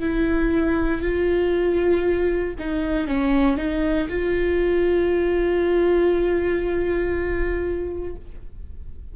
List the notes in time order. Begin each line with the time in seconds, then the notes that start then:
0.00 E4
1.02 F4
2.59 D#4
3.07 C#4
3.57 D#4
4.09 F4